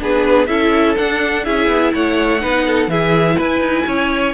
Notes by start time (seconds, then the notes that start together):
0.00 B3 D4 G#4 B4
0.47 C#4 E4 A4 E5
0.98 D4 F#5
1.45 C#4 E4 G#4 E5
1.68 B3
1.94 A3 C#5 F#5
2.40 B3 D#4 B4
2.67 A4
2.88 E3 E4 G#4 E5
3.36 E4 B4 G#5
3.60 D#4
3.87 C#4 C#5